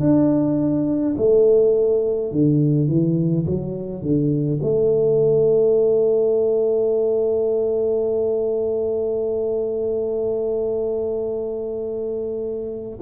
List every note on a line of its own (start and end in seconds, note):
0.00 1.15 D4
1.17 2.31 A3
2.31 2.88 D3
2.88 3.46 E3
3.46 4.02 F#3
4.02 4.59 D3
4.62 12.99 A3